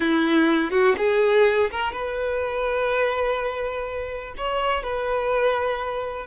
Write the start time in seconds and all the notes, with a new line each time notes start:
0.00 E4
0.70 F#4
0.97 G#4
1.71 A#4
1.92 B4
4.37 C#5
4.83 B4